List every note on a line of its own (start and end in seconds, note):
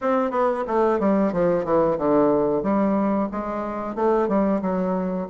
0.01 0.31 C4
0.31 0.64 B3
0.67 0.99 A3
0.99 1.32 G3
1.32 1.65 F3
1.65 1.98 E3
1.98 2.62 D3
2.62 3.28 G3
3.31 3.95 G#3
3.95 4.28 A3
4.28 4.61 G3
4.61 5.27 F#3